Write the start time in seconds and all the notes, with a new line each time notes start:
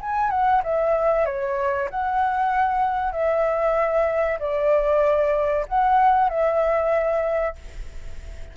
0.00 G#5
0.30 F#5
0.63 E5
1.25 C#5
1.90 F#5
3.12 E5
4.39 D5
5.68 F#5
6.29 E5